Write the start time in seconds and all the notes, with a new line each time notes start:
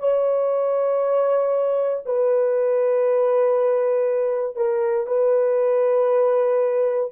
0.00 C#5
2.06 B4
4.56 A#4
5.07 B4